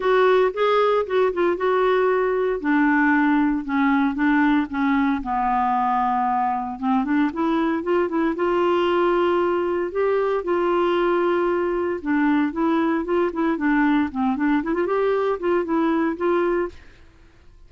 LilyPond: \new Staff \with { instrumentName = "clarinet" } { \time 4/4 \tempo 4 = 115 fis'4 gis'4 fis'8 f'8 fis'4~ | fis'4 d'2 cis'4 | d'4 cis'4 b2~ | b4 c'8 d'8 e'4 f'8 e'8 |
f'2. g'4 | f'2. d'4 | e'4 f'8 e'8 d'4 c'8 d'8 | e'16 f'16 g'4 f'8 e'4 f'4 | }